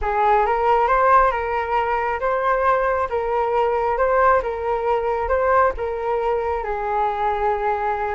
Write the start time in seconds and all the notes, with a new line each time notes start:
0.01 G#4
0.46 A#4
0.87 C5
1.31 A#4
2.20 C5
3.09 A#4
3.97 C5
4.42 A#4
5.28 C5
5.77 A#4
6.63 G#4